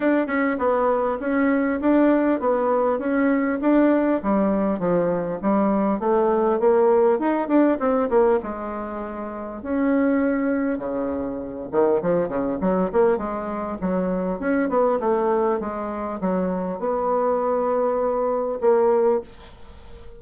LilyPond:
\new Staff \with { instrumentName = "bassoon" } { \time 4/4 \tempo 4 = 100 d'8 cis'8 b4 cis'4 d'4 | b4 cis'4 d'4 g4 | f4 g4 a4 ais4 | dis'8 d'8 c'8 ais8 gis2 |
cis'2 cis4. dis8 | f8 cis8 fis8 ais8 gis4 fis4 | cis'8 b8 a4 gis4 fis4 | b2. ais4 | }